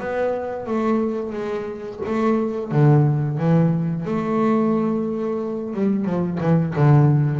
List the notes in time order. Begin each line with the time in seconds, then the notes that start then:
0.00 B3
0.66 A3
1.32 G#3
2.06 A3
2.72 D3
3.38 E3
4.05 A3
5.74 G3
6.05 F3
6.40 E3
6.76 D3